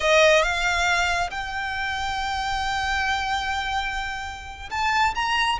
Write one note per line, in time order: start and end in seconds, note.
0.00 0.42 D#5
0.42 1.29 F5
1.30 4.69 G5
4.70 5.14 A5
5.15 5.58 A#5